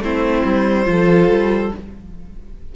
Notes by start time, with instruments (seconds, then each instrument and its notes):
0.00 cello A3, viola C4, violin E4 C5
0.44 cello G3
0.85 cello F3, viola F4, violin A4
1.29 cello G3